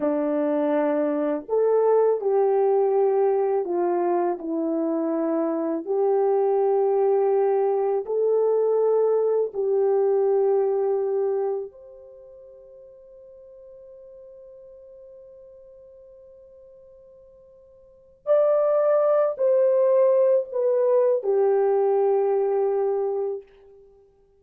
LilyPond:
\new Staff \with { instrumentName = "horn" } { \time 4/4 \tempo 4 = 82 d'2 a'4 g'4~ | g'4 f'4 e'2 | g'2. a'4~ | a'4 g'2. |
c''1~ | c''1~ | c''4 d''4. c''4. | b'4 g'2. | }